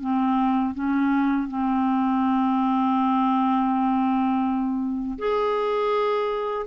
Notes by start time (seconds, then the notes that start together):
0.00 C4
0.74 C#4
1.47 C4
5.18 G#4